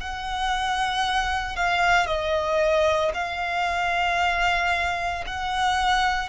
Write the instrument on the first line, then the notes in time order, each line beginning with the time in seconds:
violin
0.00 F#5
1.56 F5
2.06 D#5
3.14 F5
5.26 F#5